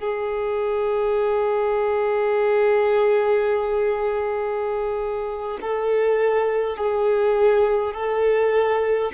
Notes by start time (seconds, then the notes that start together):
0.00 G#4
5.61 A4
6.77 G#4
7.95 A4